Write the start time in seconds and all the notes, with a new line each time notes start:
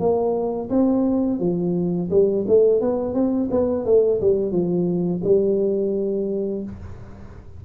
0.00 A#3
0.70 C4
1.40 F3
2.11 G3
2.48 A3
2.82 B3
3.15 C4
3.51 B3
3.86 A3
4.21 G3
4.52 F3
5.24 G3